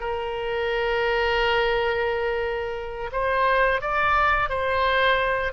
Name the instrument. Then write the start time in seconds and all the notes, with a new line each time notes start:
oboe
0.00 A#4
3.12 C5
3.81 D5
4.49 C5